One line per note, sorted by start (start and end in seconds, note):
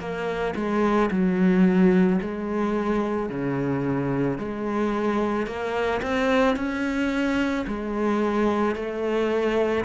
0.00 0.55 A#3
0.56 1.11 G#3
1.12 2.21 F#3
2.22 3.30 G#3
3.30 4.39 C#3
4.39 5.47 G#3
5.47 6.01 A#3
6.02 6.57 C4
6.57 7.66 C#4
7.68 8.76 G#3
8.76 9.85 A3